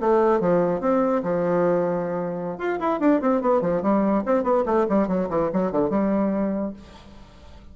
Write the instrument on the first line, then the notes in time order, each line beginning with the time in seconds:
bassoon
0.00 A3
0.40 F3
0.80 C4
1.23 F3
2.58 F4
2.80 E4
3.00 D4
3.20 C4
3.41 B3
3.61 F3
3.82 G3
4.26 C4
4.43 B3
4.66 A3
4.89 G3
5.08 F#3
5.29 E3
5.53 F#3
5.71 D3
5.90 G3